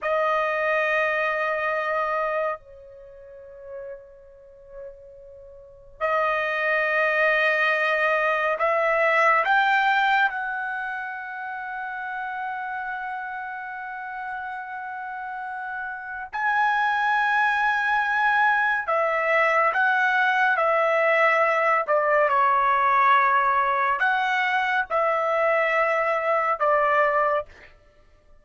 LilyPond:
\new Staff \with { instrumentName = "trumpet" } { \time 4/4 \tempo 4 = 70 dis''2. cis''4~ | cis''2. dis''4~ | dis''2 e''4 g''4 | fis''1~ |
fis''2. gis''4~ | gis''2 e''4 fis''4 | e''4. d''8 cis''2 | fis''4 e''2 d''4 | }